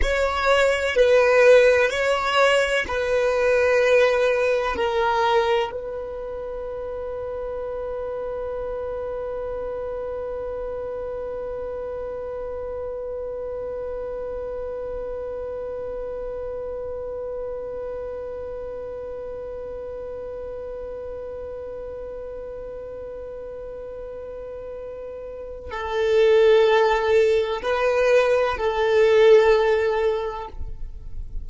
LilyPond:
\new Staff \with { instrumentName = "violin" } { \time 4/4 \tempo 4 = 63 cis''4 b'4 cis''4 b'4~ | b'4 ais'4 b'2~ | b'1~ | b'1~ |
b'1~ | b'1~ | b'2. a'4~ | a'4 b'4 a'2 | }